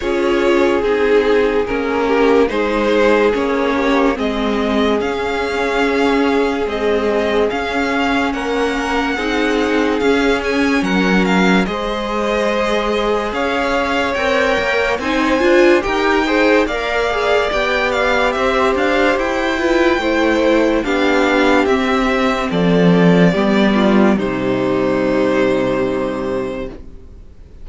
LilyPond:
<<
  \new Staff \with { instrumentName = "violin" } { \time 4/4 \tempo 4 = 72 cis''4 gis'4 ais'4 c''4 | cis''4 dis''4 f''2 | dis''4 f''4 fis''2 | f''8 gis''8 fis''8 f''8 dis''2 |
f''4 g''4 gis''4 g''4 | f''4 g''8 f''8 e''8 f''8 g''4~ | g''4 f''4 e''4 d''4~ | d''4 c''2. | }
  \new Staff \with { instrumentName = "violin" } { \time 4/4 gis'2~ gis'8 g'8 gis'4~ | gis'8 g'8 gis'2.~ | gis'2 ais'4 gis'4~ | gis'4 ais'4 c''2 |
cis''2 c''4 ais'8 c''8 | d''2 c''4. b'8 | c''4 g'2 a'4 | g'8 f'8 dis'2. | }
  \new Staff \with { instrumentName = "viola" } { \time 4/4 f'4 dis'4 cis'4 dis'4 | cis'4 c'4 cis'2 | gis4 cis'2 dis'4 | cis'2 gis'2~ |
gis'4 ais'4 dis'8 f'8 g'8 gis'8 | ais'8 gis'8 g'2~ g'8 f'8 | e'4 d'4 c'2 | b4 g2. | }
  \new Staff \with { instrumentName = "cello" } { \time 4/4 cis'4 c'4 ais4 gis4 | ais4 gis4 cis'2 | c'4 cis'4 ais4 c'4 | cis'4 fis4 gis2 |
cis'4 c'8 ais8 c'8 d'8 dis'4 | ais4 b4 c'8 d'8 e'4 | a4 b4 c'4 f4 | g4 c2. | }
>>